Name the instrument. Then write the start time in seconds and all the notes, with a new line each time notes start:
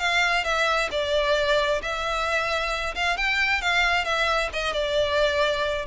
violin
0.00 F5
0.45 E5
0.92 D5
1.83 E5
2.95 F5
3.18 G5
3.62 F5
4.05 E5
4.54 D#5
4.73 D5